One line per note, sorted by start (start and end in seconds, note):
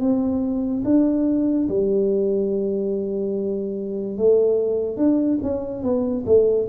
0.00 0.83 C4
0.84 1.68 D4
1.69 4.17 G3
4.17 4.97 A3
4.97 5.39 D4
5.43 5.83 C#4
5.83 6.25 B3
6.26 6.68 A3